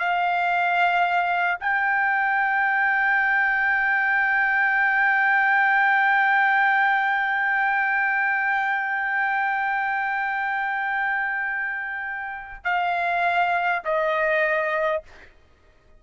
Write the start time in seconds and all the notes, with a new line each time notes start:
0.00 F5
1.60 G5
12.65 F5
13.85 D#5